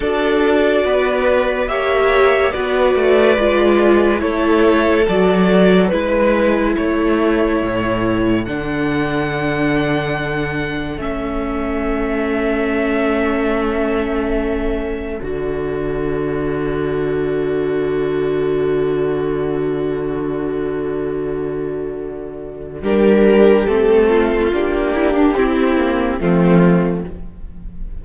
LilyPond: <<
  \new Staff \with { instrumentName = "violin" } { \time 4/4 \tempo 4 = 71 d''2 e''4 d''4~ | d''4 cis''4 d''4 b'4 | cis''2 fis''2~ | fis''4 e''2.~ |
e''2 d''2~ | d''1~ | d''2. ais'4 | a'4 g'2 f'4 | }
  \new Staff \with { instrumentName = "violin" } { \time 4/4 a'4 b'4 cis''4 b'4~ | b'4 a'2 b'4 | a'1~ | a'1~ |
a'1~ | a'1~ | a'2. g'4~ | g'8 f'4 e'16 d'16 e'4 c'4 | }
  \new Staff \with { instrumentName = "viola" } { \time 4/4 fis'2 g'4 fis'4 | f'4 e'4 fis'4 e'4~ | e'2 d'2~ | d'4 cis'2.~ |
cis'2 fis'2~ | fis'1~ | fis'2. d'4 | c'4 d'4 c'8 ais8 a4 | }
  \new Staff \with { instrumentName = "cello" } { \time 4/4 d'4 b4 ais4 b8 a8 | gis4 a4 fis4 gis4 | a4 a,4 d2~ | d4 a2.~ |
a2 d2~ | d1~ | d2. g4 | a4 ais4 c'4 f4 | }
>>